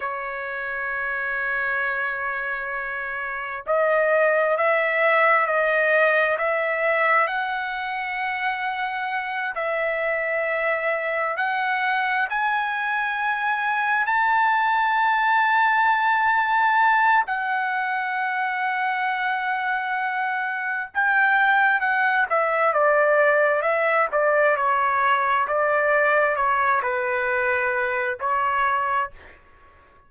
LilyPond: \new Staff \with { instrumentName = "trumpet" } { \time 4/4 \tempo 4 = 66 cis''1 | dis''4 e''4 dis''4 e''4 | fis''2~ fis''8 e''4.~ | e''8 fis''4 gis''2 a''8~ |
a''2. fis''4~ | fis''2. g''4 | fis''8 e''8 d''4 e''8 d''8 cis''4 | d''4 cis''8 b'4. cis''4 | }